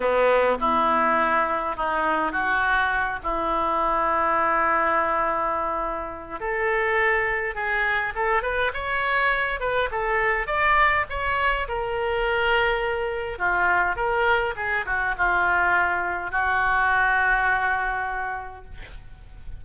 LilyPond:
\new Staff \with { instrumentName = "oboe" } { \time 4/4 \tempo 4 = 103 b4 e'2 dis'4 | fis'4. e'2~ e'8~ | e'2. a'4~ | a'4 gis'4 a'8 b'8 cis''4~ |
cis''8 b'8 a'4 d''4 cis''4 | ais'2. f'4 | ais'4 gis'8 fis'8 f'2 | fis'1 | }